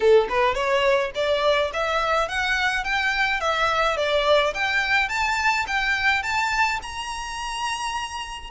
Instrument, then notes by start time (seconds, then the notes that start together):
violin
0.00 A4
0.29 B4
0.54 C#5
1.14 D5
1.73 E5
2.28 F#5
2.84 G5
3.40 E5
3.96 D5
4.53 G5
5.08 A5
5.67 G5
6.23 A5
6.82 A#5